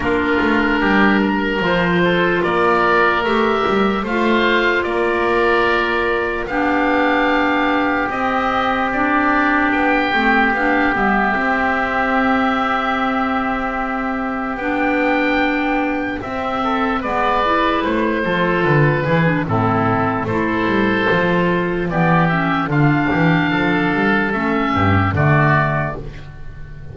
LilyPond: <<
  \new Staff \with { instrumentName = "oboe" } { \time 4/4 \tempo 4 = 74 ais'2 c''4 d''4 | e''4 f''4 d''2 | f''2 dis''4 d''4 | g''4 f''8 e''2~ e''8~ |
e''2 g''2 | e''4 d''4 c''4 b'4 | a'4 c''2 d''8 e''8 | f''2 e''4 d''4 | }
  \new Staff \with { instrumentName = "oboe" } { \time 4/4 f'4 g'8 ais'4 a'8 ais'4~ | ais'4 c''4 ais'2 | g'1~ | g'1~ |
g'1~ | g'8 a'8 b'4. a'4 gis'8 | e'4 a'2 g'4 | f'8 g'8 a'4. g'8 fis'4 | }
  \new Staff \with { instrumentName = "clarinet" } { \time 4/4 d'2 f'2 | g'4 f'2. | d'2 c'4 d'4~ | d'8 c'8 d'8 b8 c'2~ |
c'2 d'2 | c'4 b8 e'4 f'4 e'16 d'16 | c'4 e'4 f'4 b8 cis'8 | d'2 cis'4 a4 | }
  \new Staff \with { instrumentName = "double bass" } { \time 4/4 ais8 a8 g4 f4 ais4 | a8 g8 a4 ais2 | b2 c'2 | b8 a8 b8 g8 c'2~ |
c'2 b2 | c'4 gis4 a8 f8 d8 e8 | a,4 a8 g8 f4 e4 | d8 e8 f8 g8 a8 g,8 d4 | }
>>